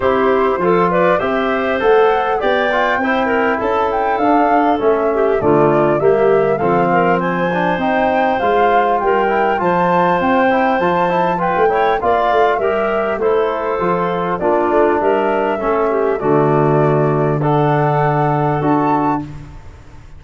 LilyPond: <<
  \new Staff \with { instrumentName = "flute" } { \time 4/4 \tempo 4 = 100 c''4. d''8 e''4 fis''4 | g''2 a''8 g''8 f''4 | e''4 d''4 e''4 f''4 | gis''4 g''4 f''4 g''4 |
a''4 g''4 a''4 g''4 | f''4 e''4 c''2 | d''4 e''2 d''4~ | d''4 fis''2 a''4 | }
  \new Staff \with { instrumentName = "clarinet" } { \time 4/4 g'4 a'8 b'8 c''2 | d''4 c''8 ais'8 a'2~ | a'8 g'8 f'4 g'4 a'8 ais'8 | c''2. ais'4 |
c''2. b'8 cis''8 | d''4 ais'4 a'2 | f'4 ais'4 a'8 g'8 fis'4~ | fis'4 a'2. | }
  \new Staff \with { instrumentName = "trombone" } { \time 4/4 e'4 f'4 g'4 a'4 | g'8 f'8 e'2 d'4 | cis'4 a4 ais4 c'4~ | c'8 d'8 dis'4 f'4. e'8 |
f'4. e'8 f'8 e'8 f'8 e'8 | f'4 g'4 e'4 f'4 | d'2 cis'4 a4~ | a4 d'2 fis'4 | }
  \new Staff \with { instrumentName = "tuba" } { \time 4/4 c'4 f4 c'4 a4 | b4 c'4 cis'4 d'4 | a4 d4 g4 f4~ | f4 c'4 gis4 g4 |
f4 c'4 f4~ f16 a8. | ais8 a8 g4 a4 f4 | ais8 a8 g4 a4 d4~ | d2. d'4 | }
>>